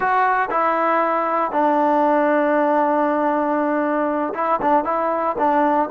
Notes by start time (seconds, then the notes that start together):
0.00 F#4
0.50 E4
1.51 D4
4.34 E4
4.61 D4
4.84 E4
5.38 D4